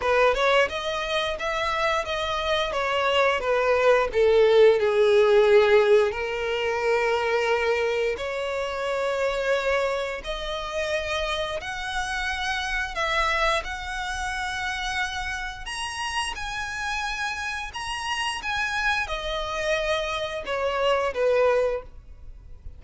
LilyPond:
\new Staff \with { instrumentName = "violin" } { \time 4/4 \tempo 4 = 88 b'8 cis''8 dis''4 e''4 dis''4 | cis''4 b'4 a'4 gis'4~ | gis'4 ais'2. | cis''2. dis''4~ |
dis''4 fis''2 e''4 | fis''2. ais''4 | gis''2 ais''4 gis''4 | dis''2 cis''4 b'4 | }